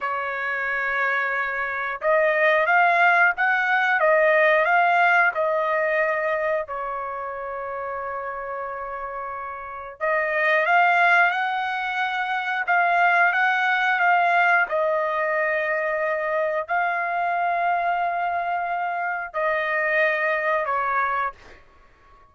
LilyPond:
\new Staff \with { instrumentName = "trumpet" } { \time 4/4 \tempo 4 = 90 cis''2. dis''4 | f''4 fis''4 dis''4 f''4 | dis''2 cis''2~ | cis''2. dis''4 |
f''4 fis''2 f''4 | fis''4 f''4 dis''2~ | dis''4 f''2.~ | f''4 dis''2 cis''4 | }